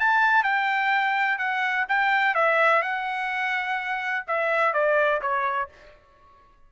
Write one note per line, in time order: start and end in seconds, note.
0.00 0.44 A5
0.44 1.39 G5
1.39 1.86 F#5
1.89 2.35 G5
2.35 2.82 E5
2.82 4.25 F#5
4.28 4.74 E5
4.74 5.21 D5
5.22 5.69 C#5